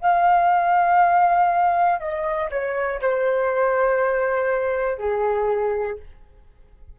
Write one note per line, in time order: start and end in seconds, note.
0.00 1.99 F5
1.99 2.49 D#5
2.50 3.00 C#5
3.01 4.97 C5
4.97 5.97 G#4